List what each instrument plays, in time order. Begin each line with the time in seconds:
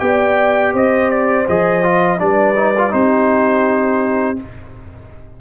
0.00 tuba B3, trombone G4, horn D5, trumpet G5
0.74 tuba C4, horn C5, trumpet D#5
1.11 trumpet D5
1.49 tuba F3, trombone G#4, trumpet D#5
1.83 trombone F4
2.18 tuba G3, trombone D4, horn B4, trumpet D5
2.56 trombone D#4
2.78 trombone F4
2.90 tuba C4, trombone D#4, horn G4, trumpet C5